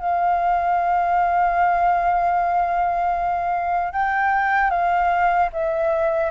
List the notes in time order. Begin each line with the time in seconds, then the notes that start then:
0.00 F5
3.93 G5
4.71 F5
5.53 E5